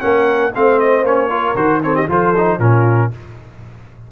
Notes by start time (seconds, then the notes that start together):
0.00 A#3 C#4 A#4 F#5
0.55 A3 C4 C5 F5
0.79 D#5
1.03 A#3 C#4 C#5
1.29 F4 A#4
1.55 D#3 F#4 C5
1.83 C4 A4 C#5
1.95 G4 D#5
2.08 F3 F4 A4 C5
2.37 D#4
2.59 A#2 C#4 F4 A#4